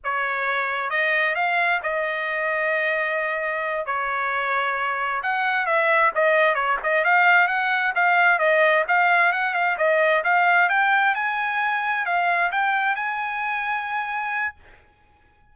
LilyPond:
\new Staff \with { instrumentName = "trumpet" } { \time 4/4 \tempo 4 = 132 cis''2 dis''4 f''4 | dis''1~ | dis''8 cis''2. fis''8~ | fis''8 e''4 dis''4 cis''8 dis''8 f''8~ |
f''8 fis''4 f''4 dis''4 f''8~ | f''8 fis''8 f''8 dis''4 f''4 g''8~ | g''8 gis''2 f''4 g''8~ | g''8 gis''2.~ gis''8 | }